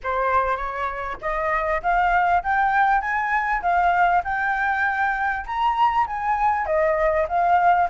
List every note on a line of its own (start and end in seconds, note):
0.03 0.56 C5
0.56 1.17 C#5
1.21 1.81 D#5
1.82 2.42 F5
2.43 3.01 G5
3.01 3.61 G#5
3.62 4.22 F5
4.24 5.45 G5
5.45 6.06 A#5
6.07 6.65 G#5
6.65 7.26 D#5
7.28 7.88 F5